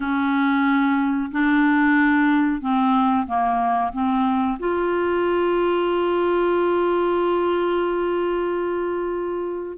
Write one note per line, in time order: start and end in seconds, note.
0.00 1.30 C#4
1.31 2.61 D4
2.61 3.26 C4
3.26 3.92 A#3
3.92 4.58 C4
4.59 9.77 F4